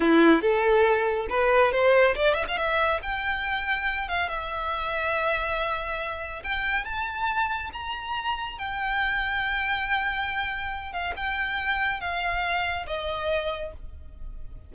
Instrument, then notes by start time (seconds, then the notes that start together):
violin
0.00 E4
0.41 A4
1.29 B4
1.72 C5
2.15 D5
2.34 E5
2.48 F5
2.57 E5
3.02 G5
4.08 F5
4.28 E5
6.43 G5
6.84 A5
7.72 A#5
8.58 G5
10.92 F5
11.16 G5
12.00 F5
12.86 D#5